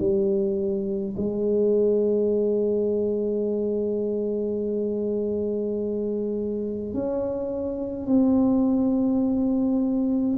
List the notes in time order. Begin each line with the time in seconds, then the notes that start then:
0.00 G3
1.17 G#3
6.94 C#4
8.07 C4